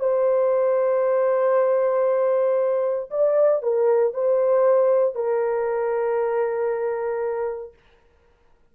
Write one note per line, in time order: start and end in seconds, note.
0.00 3.10 C5
3.11 3.63 D5
3.63 4.14 A#4
4.14 5.15 C5
5.15 7.74 A#4